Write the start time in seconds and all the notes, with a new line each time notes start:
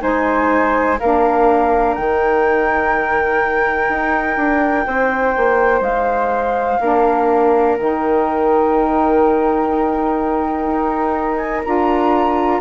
0.00 G#3 D#4 C5 G#5
0.99 A#3 D4 A#4 F5
1.94 D#3 D#4 G5
3.89 D#4
4.37 D4
4.86 C4 C5
5.37 A#3
5.81 G#3 F5
6.80 A#3 D4 A#4
7.76 D#3 D#4 G5
10.66 D#4
11.36 G#5
11.64 D4 F4 A#5